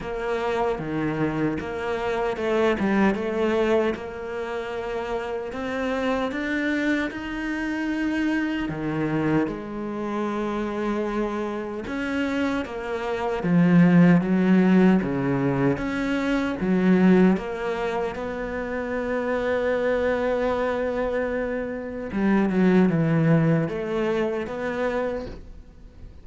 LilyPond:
\new Staff \with { instrumentName = "cello" } { \time 4/4 \tempo 4 = 76 ais4 dis4 ais4 a8 g8 | a4 ais2 c'4 | d'4 dis'2 dis4 | gis2. cis'4 |
ais4 f4 fis4 cis4 | cis'4 fis4 ais4 b4~ | b1 | g8 fis8 e4 a4 b4 | }